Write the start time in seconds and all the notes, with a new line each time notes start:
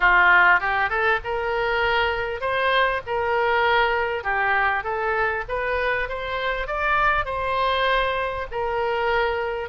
0.00 F4
0.60 G4
0.89 A4
1.24 A#4
2.40 C5
3.06 A#4
4.23 G4
4.83 A4
5.48 B4
6.09 C5
6.67 D5
7.25 C5
8.51 A#4